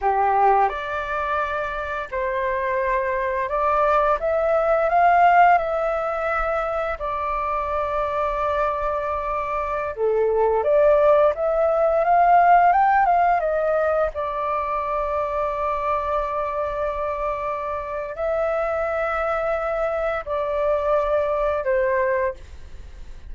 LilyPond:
\new Staff \with { instrumentName = "flute" } { \time 4/4 \tempo 4 = 86 g'4 d''2 c''4~ | c''4 d''4 e''4 f''4 | e''2 d''2~ | d''2~ d''16 a'4 d''8.~ |
d''16 e''4 f''4 g''8 f''8 dis''8.~ | dis''16 d''2.~ d''8.~ | d''2 e''2~ | e''4 d''2 c''4 | }